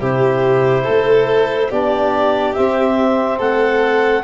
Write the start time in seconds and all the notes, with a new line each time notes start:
0.00 C3 E4 G4 C5
0.83 A3 A4
1.70 B3 D4 G4 D5
2.53 C4 E5
3.37 A3 A4 F#5